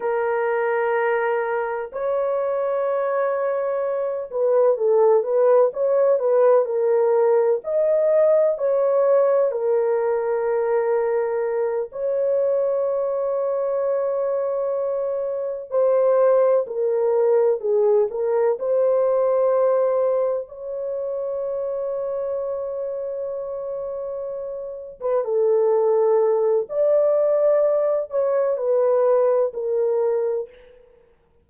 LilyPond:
\new Staff \with { instrumentName = "horn" } { \time 4/4 \tempo 4 = 63 ais'2 cis''2~ | cis''8 b'8 a'8 b'8 cis''8 b'8 ais'4 | dis''4 cis''4 ais'2~ | ais'8 cis''2.~ cis''8~ |
cis''8 c''4 ais'4 gis'8 ais'8 c''8~ | c''4. cis''2~ cis''8~ | cis''2~ cis''16 b'16 a'4. | d''4. cis''8 b'4 ais'4 | }